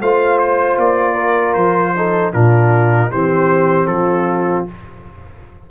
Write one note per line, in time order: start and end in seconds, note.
0.00 0.77 A3
0.00 1.96 F4
0.00 1.14 C5
0.00 0.38 F5
0.38 0.77 C5
0.77 1.55 A#3
0.77 1.54 D5
1.14 1.92 A#4
1.54 2.33 F3
1.54 2.31 C5
1.96 2.33 D#4
1.96 2.33 A4
2.33 3.12 A#2
2.33 3.11 D4
2.33 3.11 F4
2.33 3.11 A#4
3.11 3.87 E3
3.11 4.68 C4
3.11 3.90 G4
3.11 3.87 C5
3.87 4.64 F3
3.87 4.70 F4
3.87 4.65 A4